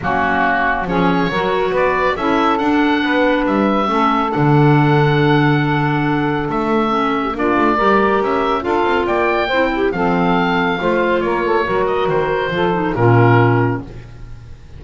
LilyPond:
<<
  \new Staff \with { instrumentName = "oboe" } { \time 4/4 \tempo 4 = 139 fis'2 cis''2 | d''4 e''4 fis''2 | e''2 fis''2~ | fis''2. e''4~ |
e''4 d''2 e''4 | f''4 g''2 f''4~ | f''2 cis''4. dis''8 | c''2 ais'2 | }
  \new Staff \with { instrumentName = "saxophone" } { \time 4/4 cis'2 gis'4 ais'4 | b'4 a'2 b'4~ | b'4 a'2.~ | a'1~ |
a'8. g'16 f'4 ais'2 | a'4 d''4 c''8 g'8 a'4~ | a'4 c''4 ais'8 a'8 ais'4~ | ais'4 a'4 f'2 | }
  \new Staff \with { instrumentName = "clarinet" } { \time 4/4 ais2 cis'4 fis'4~ | fis'4 e'4 d'2~ | d'4 cis'4 d'2~ | d'1 |
cis'4 d'4 g'2 | f'2 e'4 c'4~ | c'4 f'2 fis'4~ | fis'4 f'8 dis'8 cis'2 | }
  \new Staff \with { instrumentName = "double bass" } { \time 4/4 fis2 f4 fis4 | b4 cis'4 d'4 b4 | g4 a4 d2~ | d2. a4~ |
a4 ais8 a8 g4 cis'4 | d'8 c'8 ais4 c'4 f4~ | f4 a4 ais4 fis4 | dis4 f4 ais,2 | }
>>